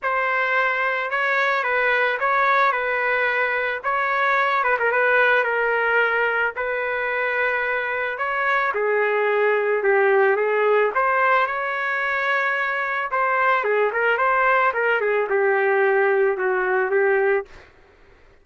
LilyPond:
\new Staff \with { instrumentName = "trumpet" } { \time 4/4 \tempo 4 = 110 c''2 cis''4 b'4 | cis''4 b'2 cis''4~ | cis''8 b'16 ais'16 b'4 ais'2 | b'2. cis''4 |
gis'2 g'4 gis'4 | c''4 cis''2. | c''4 gis'8 ais'8 c''4 ais'8 gis'8 | g'2 fis'4 g'4 | }